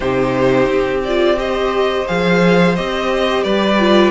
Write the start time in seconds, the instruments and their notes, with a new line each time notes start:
0.00 cello C3, viola D#4, violin G4 C5
0.66 cello C4
1.04 viola F4, violin D5
1.36 viola G4, violin C5 D#5
2.06 cello F3, viola G#4, violin F5
2.75 cello C4, viola G4, violin D#5
3.43 cello G3, violin B4 D5
3.79 viola F4